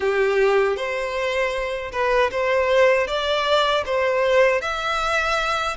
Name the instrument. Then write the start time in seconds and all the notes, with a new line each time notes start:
violin
0.00 G4
0.76 C5
1.92 B4
2.31 C5
3.07 D5
3.85 C5
4.61 E5